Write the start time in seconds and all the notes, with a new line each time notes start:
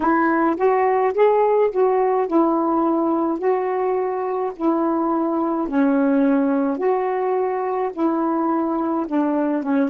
0.00 E4
0.57 F#4
1.14 G#4
1.71 F#4
2.27 E4
3.38 F#4
4.55 E4
5.68 C#4
6.77 F#4
7.93 E4
9.07 D4
9.62 C#4